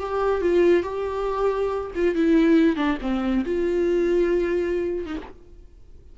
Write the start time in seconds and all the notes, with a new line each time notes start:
0.00 G4
0.42 F4
0.84 G4
1.95 F4
2.16 E4
2.77 D4
3.02 C4
3.45 F4
5.06 D#4